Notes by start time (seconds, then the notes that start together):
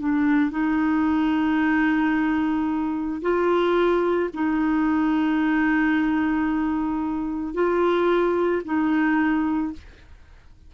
0.00 D4
0.51 D#4
3.22 F4
4.34 D#4
7.54 F4
8.65 D#4